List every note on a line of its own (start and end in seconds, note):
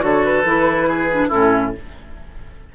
0.00 0.44 D3
0.00 0.43 F#4
0.00 0.88 A4
0.00 0.25 C#5
0.25 1.30 B4
0.44 1.30 E3
0.44 1.10 E4
0.88 1.28 G#4
1.11 1.30 D4
1.28 1.75 A2
1.28 1.73 C#4
1.28 1.71 E4
1.28 1.73 A4